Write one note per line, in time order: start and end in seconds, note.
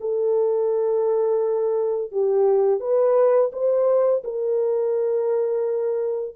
0.00 2.11 A4
2.11 2.80 G4
2.80 3.50 B4
3.52 4.23 C5
4.24 6.35 A#4